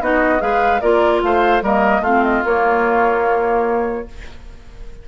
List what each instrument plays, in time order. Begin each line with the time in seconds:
0.00 bassoon B3, clarinet D#4, oboe F#4, flute D#5
0.39 bassoon G#3, clarinet G#4, oboe B4, flute F5
0.80 bassoon A#3, clarinet F4, oboe A#4, flute D5
1.22 bassoon A3, oboe C5, flute F5
1.62 bassoon G3, clarinet A#3, oboe A#4, flute D#5
2.00 bassoon A3, clarinet C4, oboe F4, flute F5
2.23 flute D#5
2.45 bassoon A#3, clarinet A#3, flute C#5